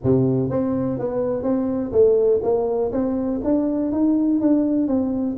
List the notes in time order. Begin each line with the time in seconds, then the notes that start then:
0.03 C3
0.50 C4
0.99 B3
1.42 C4
1.92 A3
2.42 A#3
2.92 C4
3.44 D4
3.92 D#4
4.40 D4
4.87 C4